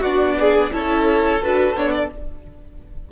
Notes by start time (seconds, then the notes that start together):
0.00 B3 D4 F#4 D5
0.39 G#4
0.71 C#4 E4 A4 C#5
1.41 D4 F#4 B4
1.74 B3 D4 C#5
1.92 D5